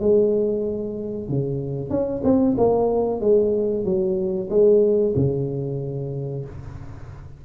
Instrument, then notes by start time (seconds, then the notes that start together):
tuba
0.00 G#3
1.28 C#3
1.90 C#4
2.24 C4
2.57 A#3
3.21 G#3
3.84 F#3
4.50 G#3
5.16 C#3